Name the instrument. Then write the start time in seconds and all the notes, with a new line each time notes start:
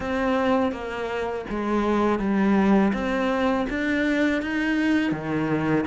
cello
0.00 C4
0.72 A#3
1.49 G#3
2.19 G3
2.93 C4
3.70 D4
4.42 D#4
5.11 D#3